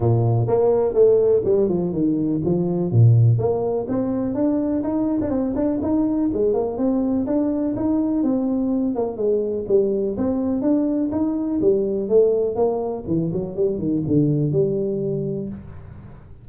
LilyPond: \new Staff \with { instrumentName = "tuba" } { \time 4/4 \tempo 4 = 124 ais,4 ais4 a4 g8 f8 | dis4 f4 ais,4 ais4 | c'4 d'4 dis'8. d'16 c'8 d'8 | dis'4 gis8 ais8 c'4 d'4 |
dis'4 c'4. ais8 gis4 | g4 c'4 d'4 dis'4 | g4 a4 ais4 e8 fis8 | g8 dis8 d4 g2 | }